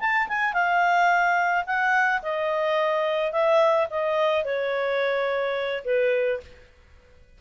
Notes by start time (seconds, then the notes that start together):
0.00 A5
0.28 G#5
0.53 F5
1.66 F#5
2.22 D#5
3.32 E5
3.90 D#5
4.45 C#5
5.85 B4